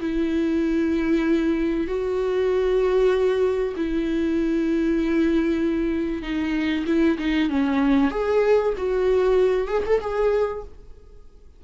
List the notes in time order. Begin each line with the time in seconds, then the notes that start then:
0.00 E4
1.87 F#4
3.76 E4
6.22 D#4
6.86 E4
7.18 D#4
7.49 C#4
8.11 G#4
8.77 F#4
9.67 G#4
9.86 A4
10.01 G#4